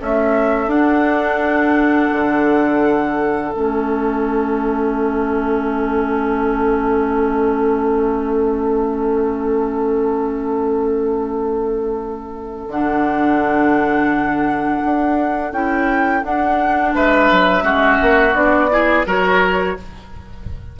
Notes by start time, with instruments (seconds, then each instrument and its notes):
0.00 clarinet A3, bassoon C#4, oboe A4, flute E5
0.67 bassoon D4, clarinet D4, flute F#5
2.12 bassoon D3
3.51 bassoon A3, clarinet C#4, flute E5
12.68 bassoon D3, clarinet D4, flute F#5
14.85 bassoon D4
15.52 bassoon C#4, clarinet E4, flute G5
16.23 clarinet D4, bassoon D4, flute F#5
16.94 bassoon G#3, oboe B4, flute E5
17.31 bassoon F#3
17.62 bassoon G#3, clarinet C#4, oboe F#4
18.02 bassoon A#3
18.34 bassoon B3, clarinet D4, flute D5
18.70 clarinet E4, oboe G#4
19.06 bassoon F#3, clarinet F#4, oboe A#4, flute C#5